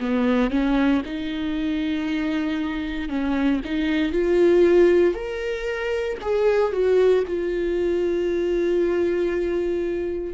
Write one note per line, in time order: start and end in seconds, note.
0.00 0.50 B3
0.50 1.02 C#4
1.05 3.09 D#4
3.09 3.61 C#4
3.64 4.12 D#4
4.12 5.14 F4
5.14 6.18 A#4
6.22 6.72 G#4
6.72 7.24 F#4
7.27 10.34 F4